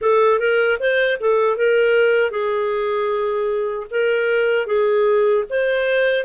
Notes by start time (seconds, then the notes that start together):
0.01 A4
0.39 A#4
0.79 C5
1.19 A4
1.56 A#4
2.30 G#4
3.90 A#4
4.66 G#4
5.49 C5